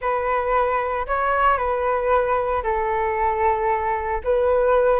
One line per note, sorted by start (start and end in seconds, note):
0.01 1.06 B4
1.07 1.57 C#5
1.57 2.62 B4
2.63 4.21 A4
4.24 5.00 B4